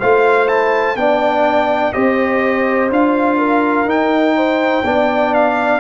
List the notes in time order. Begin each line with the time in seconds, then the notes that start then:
0.00 A3 F4 C5 F5
0.48 E4 A5
0.97 B3 D4 D5 G5
1.93 C4 G4 C5 D#5
2.91 D4 F4 F5
3.38 A#4
3.85 D#4 G5
4.37 C5
4.84 B3 D4 D5
5.34 F5